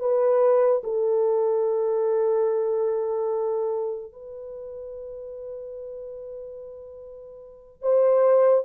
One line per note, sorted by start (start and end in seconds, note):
0.00 0.82 B4
0.84 4.13 A4
4.13 7.82 B4
7.82 8.65 C5